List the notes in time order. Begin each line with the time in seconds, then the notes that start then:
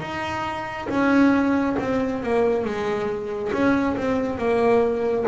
0.00 D#4
0.89 C#4
1.79 C4
2.22 A#3
2.64 G#3
3.52 C#4
3.96 C4
4.38 A#3